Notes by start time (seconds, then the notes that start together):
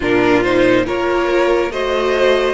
0.00 A#2 D4 F4 A#4
0.43 D#4 C5
0.85 A#3 F4 A#4 C#5
1.70 A3 F#4 C5 D#5